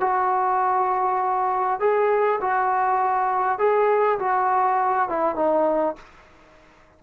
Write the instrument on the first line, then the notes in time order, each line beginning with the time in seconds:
trombone
0.00 F#4
1.80 G#4
2.41 F#4
3.58 G#4
4.19 F#4
5.09 E4
5.35 D#4